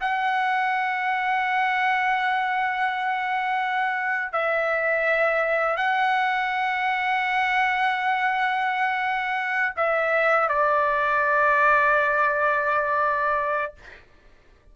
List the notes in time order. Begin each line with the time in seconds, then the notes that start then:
0.00 F#5
4.32 E5
5.77 F#5
9.76 E5
10.49 D5